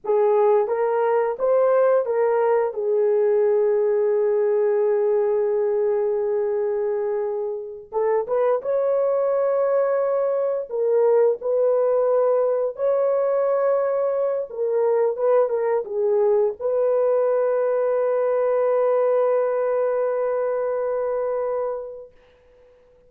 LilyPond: \new Staff \with { instrumentName = "horn" } { \time 4/4 \tempo 4 = 87 gis'4 ais'4 c''4 ais'4 | gis'1~ | gis'2.~ gis'8 a'8 | b'8 cis''2. ais'8~ |
ais'8 b'2 cis''4.~ | cis''4 ais'4 b'8 ais'8 gis'4 | b'1~ | b'1 | }